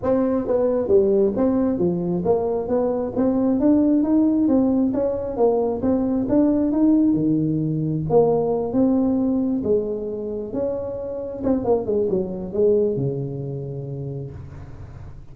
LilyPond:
\new Staff \with { instrumentName = "tuba" } { \time 4/4 \tempo 4 = 134 c'4 b4 g4 c'4 | f4 ais4 b4 c'4 | d'4 dis'4 c'4 cis'4 | ais4 c'4 d'4 dis'4 |
dis2 ais4. c'8~ | c'4. gis2 cis'8~ | cis'4. c'8 ais8 gis8 fis4 | gis4 cis2. | }